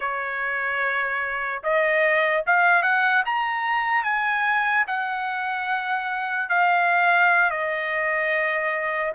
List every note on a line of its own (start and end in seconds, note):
0.00 1.62 C#5
1.63 2.44 D#5
2.46 2.82 F5
2.82 3.22 F#5
3.25 4.03 A#5
4.03 4.84 G#5
4.86 6.49 F#5
6.49 7.50 F5
7.50 9.12 D#5